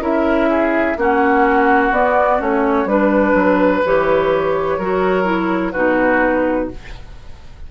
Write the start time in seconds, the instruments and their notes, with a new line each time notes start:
0.00 bassoon C#4, clarinet E4, oboe A#4, flute E5
0.50 oboe G#4
0.97 bassoon A#3, clarinet C#4, oboe F#4, flute F#5
1.91 bassoon B3, clarinet B3, flute D5
2.39 bassoon A3, clarinet C#4, flute C#5
2.85 bassoon G3, clarinet D4, flute B4, oboe B4
3.34 bassoon F#3
3.85 bassoon E3, clarinet G4, flute C#5
4.78 bassoon F#3, clarinet F#4, oboe A#4
5.24 clarinet E4
5.72 bassoon B2, clarinet D#4, oboe F#4, flute B4